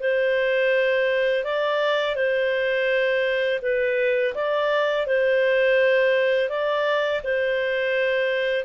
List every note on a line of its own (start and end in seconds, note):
0.00 1.45 C5
1.45 2.16 D5
2.16 3.60 C5
3.62 4.34 B4
4.35 5.07 D5
5.07 6.50 C5
6.50 7.22 D5
7.24 8.65 C5